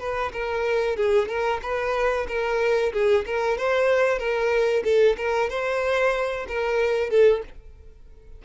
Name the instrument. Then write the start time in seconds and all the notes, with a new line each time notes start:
violin
0.00 B4
0.33 A#4
0.96 G#4
1.28 A#4
1.62 B4
2.28 A#4
2.93 G#4
3.26 A#4
3.58 C5
4.19 A#4
4.84 A4
5.17 A#4
5.50 C5
6.48 A#4
7.10 A4